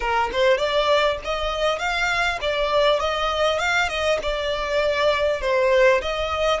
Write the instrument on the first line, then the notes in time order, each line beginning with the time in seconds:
violin
0.00 A#4
0.32 C5
0.57 D5
1.24 D#5
1.78 F5
2.41 D5
2.99 D#5
3.58 F5
3.88 D#5
4.22 D5
5.41 C5
6.01 D#5